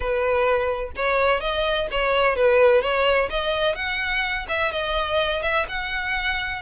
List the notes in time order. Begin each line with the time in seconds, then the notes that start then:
0.00 B4
0.96 C#5
1.40 D#5
1.91 C#5
2.36 B4
2.81 C#5
3.29 D#5
3.75 F#5
4.48 E5
4.71 D#5
5.42 E5
5.68 F#5